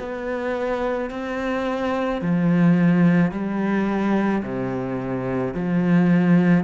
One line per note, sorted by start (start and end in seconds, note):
0.00 1.11 B3
1.11 2.22 C4
2.22 3.32 F3
3.32 4.43 G3
4.43 5.55 C3
5.55 6.65 F3